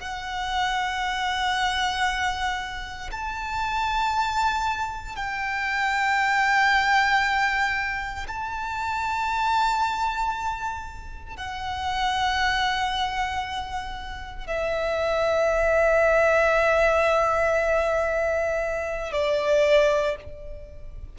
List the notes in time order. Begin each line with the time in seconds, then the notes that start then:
0.00 F#5
3.12 A5
5.17 G5
8.28 A5
11.37 F#5
14.47 E5
19.13 D5